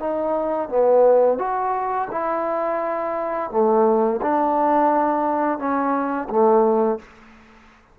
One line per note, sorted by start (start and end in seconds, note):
0.00 0.69 D#4
0.69 1.39 B3
1.39 2.08 F#4
2.12 3.51 E4
3.51 4.21 A3
4.22 5.59 D4
5.59 6.29 C#4
6.29 6.99 A3